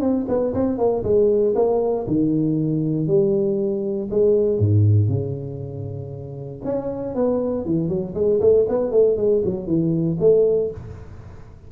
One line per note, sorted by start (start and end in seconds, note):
0.00 0.25 C4
0.28 0.53 B3
0.54 0.78 C4
0.78 1.03 A#3
1.03 1.54 G#3
1.55 2.06 A#3
2.07 3.07 D#3
3.07 4.09 G3
4.10 4.59 G#3
4.59 5.08 G#2
5.08 6.61 C#3
6.64 7.14 C#4
7.14 7.65 B3
7.65 7.88 E3
7.88 8.14 F#3
8.14 8.40 G#3
8.40 8.66 A3
8.69 8.91 B3
8.91 9.16 A3
9.17 9.42 G#3
9.44 9.67 F#3
9.67 10.17 E3
10.19 10.70 A3